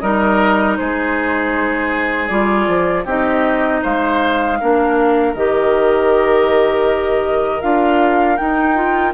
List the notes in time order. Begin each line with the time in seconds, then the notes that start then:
0.00 G3 D#4 A#4 D#5
0.77 G#3 G#4 C5
2.28 G3 F4 D5
2.68 F3
3.05 C4 D#4 G4 D#5
3.82 G#3 C5 F5
4.60 A#3 D4 A#4
5.34 D#3 G4 D#5
7.61 D4 F4 F5
8.37 D#4 G5
8.75 F4